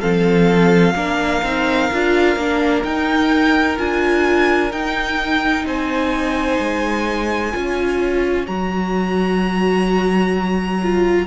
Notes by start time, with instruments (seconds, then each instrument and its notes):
0.00 cello F3, viola C4, violin A4 F5
0.95 cello A#3, viola D4, violin A#4
1.42 cello C4, viola D#4
1.93 cello D4, viola F4
2.36 cello A#3, viola D4
2.84 cello D#4, viola D#4, violin G5
3.78 cello D4, viola F4, violin G#5
4.71 viola D#4, cello D#4, violin G5
5.65 cello C4, violin C5 G#5
6.59 cello G#3
7.52 cello C#4, viola F4, violin C#5
8.46 cello F#3, viola F#4, violin A#5
10.83 viola F4